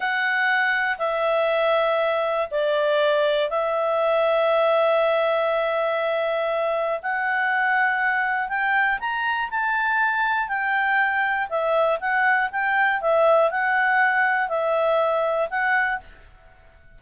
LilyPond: \new Staff \with { instrumentName = "clarinet" } { \time 4/4 \tempo 4 = 120 fis''2 e''2~ | e''4 d''2 e''4~ | e''1~ | e''2 fis''2~ |
fis''4 g''4 ais''4 a''4~ | a''4 g''2 e''4 | fis''4 g''4 e''4 fis''4~ | fis''4 e''2 fis''4 | }